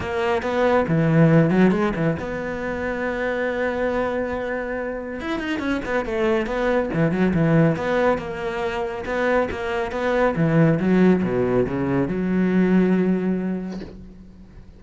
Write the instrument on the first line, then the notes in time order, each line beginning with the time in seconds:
cello
0.00 A#3
0.42 B3
0.88 E3
1.50 F#3
1.71 G#3
1.95 E3
2.19 B3
5.20 E4
5.39 D#4
5.59 C#4
5.85 B3
6.05 A3
6.46 B3
6.93 E3
7.11 F#3
7.34 E3
7.76 B3
8.18 A#3
9.05 B3
9.51 A#3
9.91 B3
10.36 E3
10.79 F#3
11.23 B2
11.66 C#3
12.07 F#3